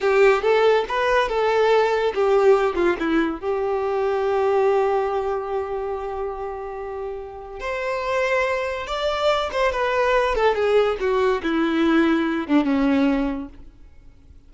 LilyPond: \new Staff \with { instrumentName = "violin" } { \time 4/4 \tempo 4 = 142 g'4 a'4 b'4 a'4~ | a'4 g'4. f'8 e'4 | g'1~ | g'1~ |
g'2 c''2~ | c''4 d''4. c''8 b'4~ | b'8 a'8 gis'4 fis'4 e'4~ | e'4. d'8 cis'2 | }